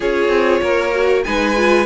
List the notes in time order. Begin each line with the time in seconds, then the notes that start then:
0.00 C#4 F4 G#4 C#5
0.28 C4
0.61 A#3 A#4
0.92 F#4
1.23 G#3 D#4 B4 G#5
1.56 F4